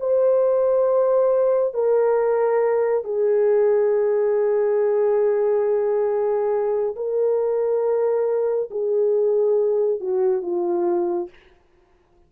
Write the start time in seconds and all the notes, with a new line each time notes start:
0.00 C5
1.74 A#4
3.04 G#4
6.96 A#4
8.71 G#4
10.00 F#4
10.42 F4